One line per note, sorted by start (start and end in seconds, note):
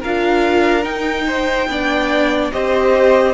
0.00 0.85 D4
0.00 0.83 F4
0.00 1.25 A#4
0.00 0.84 F5
0.83 1.66 D#4
0.83 1.68 D#4
0.83 2.51 G5
1.27 1.69 C5
1.68 2.51 B3
1.68 2.52 D4
1.68 2.53 D5
2.52 3.34 C4
2.52 3.34 G4
2.52 3.34 C5
2.52 3.34 D#5